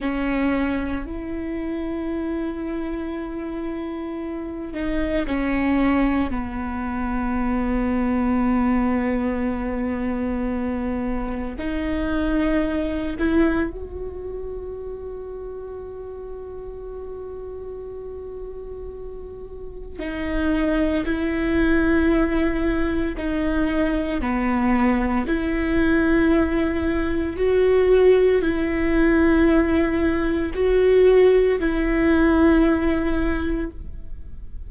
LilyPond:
\new Staff \with { instrumentName = "viola" } { \time 4/4 \tempo 4 = 57 cis'4 e'2.~ | e'8 dis'8 cis'4 b2~ | b2. dis'4~ | dis'8 e'8 fis'2.~ |
fis'2. dis'4 | e'2 dis'4 b4 | e'2 fis'4 e'4~ | e'4 fis'4 e'2 | }